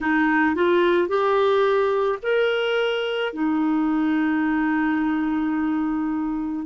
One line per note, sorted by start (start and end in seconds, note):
0.01 0.55 D#4
0.55 1.08 F4
1.08 2.19 G4
2.22 3.33 A#4
3.33 6.66 D#4